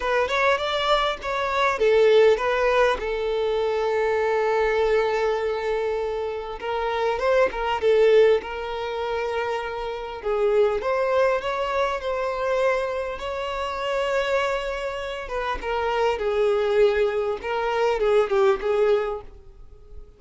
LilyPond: \new Staff \with { instrumentName = "violin" } { \time 4/4 \tempo 4 = 100 b'8 cis''8 d''4 cis''4 a'4 | b'4 a'2.~ | a'2. ais'4 | c''8 ais'8 a'4 ais'2~ |
ais'4 gis'4 c''4 cis''4 | c''2 cis''2~ | cis''4. b'8 ais'4 gis'4~ | gis'4 ais'4 gis'8 g'8 gis'4 | }